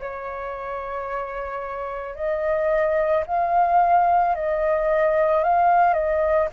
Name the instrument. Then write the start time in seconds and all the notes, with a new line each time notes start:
flute
0.00 C#5
2.16 D#5
3.27 F5
4.35 D#5
5.44 F5
5.94 D#5